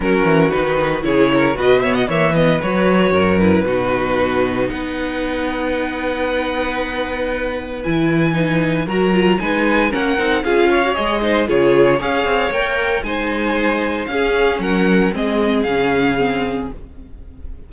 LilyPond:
<<
  \new Staff \with { instrumentName = "violin" } { \time 4/4 \tempo 4 = 115 ais'4 b'4 cis''4 dis''8 e''16 fis''16 | e''8 dis''8 cis''4. b'4.~ | b'4 fis''2.~ | fis''2. gis''4~ |
gis''4 ais''4 gis''4 fis''4 | f''4 dis''4 cis''4 f''4 | g''4 gis''2 f''4 | fis''4 dis''4 f''2 | }
  \new Staff \with { instrumentName = "violin" } { \time 4/4 fis'2 gis'8 ais'8 b'8 cis''16 dis''16 | cis''8 b'4. ais'4 fis'4~ | fis'4 b'2.~ | b'1~ |
b'4 ais'4 b'4 ais'4 | gis'8 cis''4 c''8 gis'4 cis''4~ | cis''4 c''2 gis'4 | ais'4 gis'2. | }
  \new Staff \with { instrumentName = "viola" } { \time 4/4 cis'4 dis'4 e'4 fis'8 b8 | ais8 b8 fis'4. e'8 dis'4~ | dis'1~ | dis'2. e'4 |
dis'4 fis'8 f'8 dis'4 cis'8 dis'8 | f'8. fis'16 gis'8 dis'8 f'4 gis'4 | ais'4 dis'2 cis'4~ | cis'4 c'4 cis'4 c'4 | }
  \new Staff \with { instrumentName = "cello" } { \time 4/4 fis8 e8 dis4 cis4 b,4 | e4 fis4 fis,4 b,4~ | b,4 b2.~ | b2. e4~ |
e4 fis4 gis4 ais8 c'8 | cis'4 gis4 cis4 cis'8 c'8 | ais4 gis2 cis'4 | fis4 gis4 cis2 | }
>>